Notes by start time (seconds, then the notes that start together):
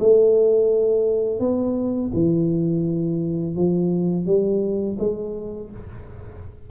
0.00 A3
1.40 B3
2.14 E3
3.56 F3
4.26 G3
4.99 G#3